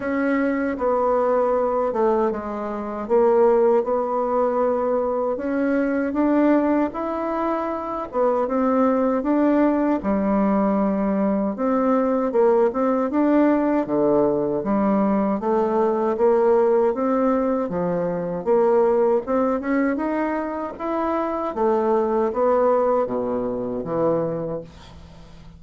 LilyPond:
\new Staff \with { instrumentName = "bassoon" } { \time 4/4 \tempo 4 = 78 cis'4 b4. a8 gis4 | ais4 b2 cis'4 | d'4 e'4. b8 c'4 | d'4 g2 c'4 |
ais8 c'8 d'4 d4 g4 | a4 ais4 c'4 f4 | ais4 c'8 cis'8 dis'4 e'4 | a4 b4 b,4 e4 | }